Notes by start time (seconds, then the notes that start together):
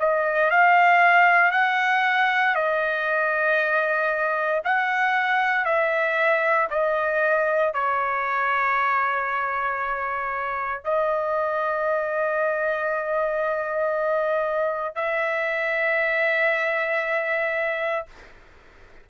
0.00 D#5
0.51 F5
1.52 F#5
2.55 D#5
4.65 F#5
5.65 E5
6.71 D#5
7.74 C#5
10.84 D#5
14.96 E5